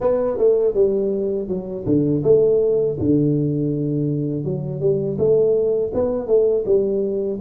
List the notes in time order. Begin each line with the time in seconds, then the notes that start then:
0.00 B3
0.37 A3
0.74 G3
1.47 F#3
1.86 D3
2.23 A3
2.99 D3
4.44 F#3
4.80 G3
5.18 A3
5.94 B3
6.27 A3
6.65 G3